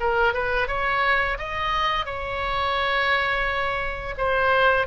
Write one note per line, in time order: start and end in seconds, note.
0.00 0.33 A#4
0.33 0.68 B4
0.68 1.37 C#5
1.38 2.05 D#5
2.05 4.15 C#5
4.18 4.87 C5